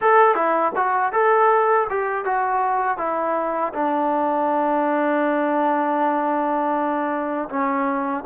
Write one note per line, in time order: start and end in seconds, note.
0.01 0.34 A4
0.34 0.72 E4
0.75 1.12 F#4
1.12 1.87 A4
1.90 2.25 G4
2.25 2.97 F#4
2.97 3.72 E4
3.73 7.48 D4
7.49 8.24 C#4